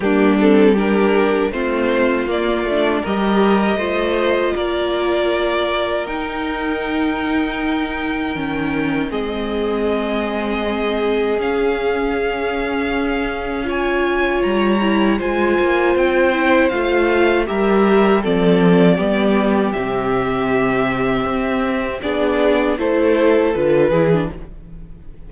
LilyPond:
<<
  \new Staff \with { instrumentName = "violin" } { \time 4/4 \tempo 4 = 79 g'8 a'8 ais'4 c''4 d''4 | dis''2 d''2 | g''1 | dis''2. f''4~ |
f''2 gis''4 ais''4 | gis''4 g''4 f''4 e''4 | d''2 e''2~ | e''4 d''4 c''4 b'4 | }
  \new Staff \with { instrumentName = "violin" } { \time 4/4 d'4 g'4 f'2 | ais'4 c''4 ais'2~ | ais'1 | gis'1~ |
gis'2 cis''2 | c''2. ais'4 | a'4 g'2.~ | g'4 gis'4 a'4. gis'8 | }
  \new Staff \with { instrumentName = "viola" } { \time 4/4 ais8 c'8 d'4 c'4 ais8 d'8 | g'4 f'2. | dis'2. cis'4 | c'2. cis'4~ |
cis'2 f'4. e'8 | f'4. e'8 f'4 g'4 | c'4 b4 c'2~ | c'4 d'4 e'4 f'8 e'16 d'16 | }
  \new Staff \with { instrumentName = "cello" } { \time 4/4 g2 a4 ais8 a8 | g4 a4 ais2 | dis'2. dis4 | gis2. cis'4~ |
cis'2. g4 | gis8 ais8 c'4 a4 g4 | f4 g4 c2 | c'4 b4 a4 d8 e8 | }
>>